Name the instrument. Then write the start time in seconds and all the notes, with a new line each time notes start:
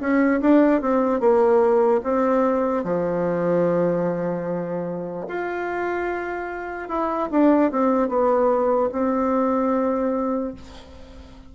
bassoon
0.00 C#4
0.41 D4
0.81 C4
1.20 A#3
2.03 C4
2.84 F3
5.28 F4
6.89 E4
7.31 D4
7.71 C4
8.09 B3
8.92 C4